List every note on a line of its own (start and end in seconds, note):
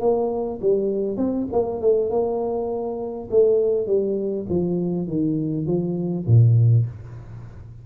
0.00 0.59 A#3
0.61 1.17 G3
1.17 1.46 C4
1.52 1.81 A#3
1.81 2.10 A3
2.10 3.29 A#3
3.30 3.86 A3
3.86 4.46 G3
4.49 5.07 F3
5.07 5.66 D#3
5.66 6.26 F3
6.26 6.86 A#2